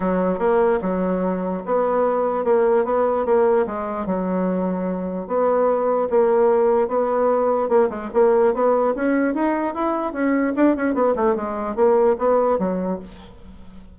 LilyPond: \new Staff \with { instrumentName = "bassoon" } { \time 4/4 \tempo 4 = 148 fis4 ais4 fis2 | b2 ais4 b4 | ais4 gis4 fis2~ | fis4 b2 ais4~ |
ais4 b2 ais8 gis8 | ais4 b4 cis'4 dis'4 | e'4 cis'4 d'8 cis'8 b8 a8 | gis4 ais4 b4 fis4 | }